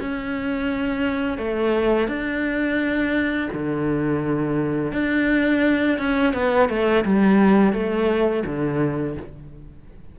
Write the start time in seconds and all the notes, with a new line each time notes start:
0.00 C#4
1.38 A3
2.08 D4
3.53 D3
4.92 D4
5.98 C#4
6.33 B3
6.69 A3
7.05 G3
7.73 A3
8.46 D3